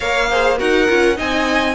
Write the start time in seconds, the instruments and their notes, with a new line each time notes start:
0.00 cello A#3, viola A#4, violin C#5 F5
0.30 viola G#4, violin C5
0.58 cello D#4, viola F#4, violin A#4 F#5
0.88 cello C#4, viola F4
1.15 cello C4, viola D#4, violin D#5 G#5